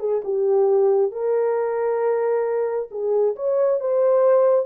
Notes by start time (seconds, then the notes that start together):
0.00 G#4
0.25 G4
1.12 A#4
2.91 G#4
3.36 C#5
3.81 C5